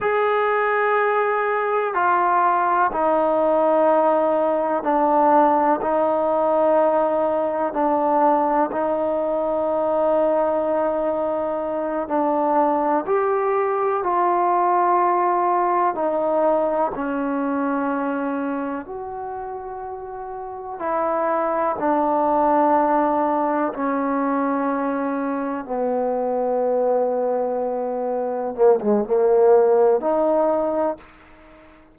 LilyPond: \new Staff \with { instrumentName = "trombone" } { \time 4/4 \tempo 4 = 62 gis'2 f'4 dis'4~ | dis'4 d'4 dis'2 | d'4 dis'2.~ | dis'8 d'4 g'4 f'4.~ |
f'8 dis'4 cis'2 fis'8~ | fis'4. e'4 d'4.~ | d'8 cis'2 b4.~ | b4. ais16 gis16 ais4 dis'4 | }